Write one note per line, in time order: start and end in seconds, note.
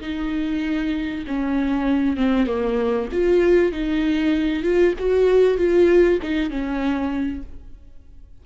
0.00 1.24 D#4
1.27 2.16 C#4
2.16 2.46 C4
2.46 3.08 A#3
3.12 3.72 F4
3.72 4.63 D#4
4.63 4.94 F4
4.98 5.57 F#4
5.57 6.19 F4
6.22 6.50 D#4
6.50 7.43 C#4